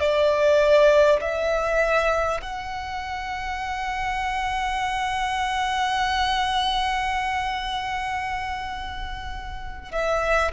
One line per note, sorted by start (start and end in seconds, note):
0.00 1.20 D5
1.20 2.40 E5
2.41 9.91 F#5
9.91 10.51 E5